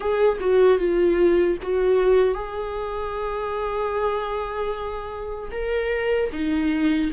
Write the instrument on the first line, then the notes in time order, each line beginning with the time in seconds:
viola
0.00 G#4
0.40 F#4
0.78 F4
1.62 F#4
2.34 G#4
5.51 A#4
6.32 D#4